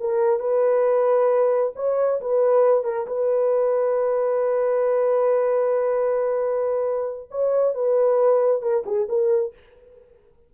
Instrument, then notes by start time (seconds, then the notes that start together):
horn
0.00 A#4
0.39 B4
1.76 C#5
2.21 B4
2.84 A#4
3.07 B4
7.31 C#5
7.74 B4
8.62 A#4
8.86 G#4
9.09 A#4